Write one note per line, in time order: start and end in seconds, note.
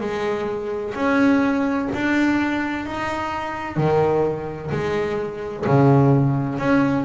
0.00 0.94 G#3
0.94 1.88 C#4
1.94 2.86 D4
2.86 3.76 D#4
3.76 4.70 D#3
4.71 5.65 G#3
5.66 6.58 C#3
6.58 7.04 C#4